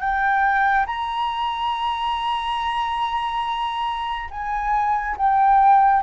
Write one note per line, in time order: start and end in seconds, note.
0.00 0.86 G5
0.86 4.29 A#5
4.31 5.16 G#5
5.17 6.02 G5